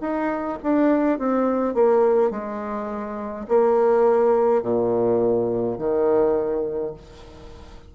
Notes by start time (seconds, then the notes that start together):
0.00 D#4
0.62 D4
1.18 C4
1.74 A#3
2.30 G#3
3.48 A#3
4.62 A#2
5.78 D#3